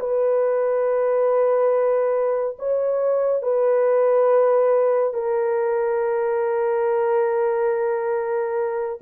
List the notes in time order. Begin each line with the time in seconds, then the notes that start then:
0.00 B4
2.59 C#5
3.42 B4
5.14 A#4